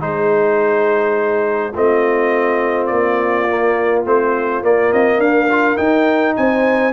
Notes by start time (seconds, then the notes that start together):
0.00 G#3 D#4 G#4 C5
1.72 A3 C4 F4 D#5
2.87 A#3 D5
3.49 A#3
4.05 A3 C4 C5
4.62 A#3 D5
4.93 C4 D#5
5.19 D4 A#4 F5
5.51 F4
5.77 D#4 G5
6.37 C4 C5 G#5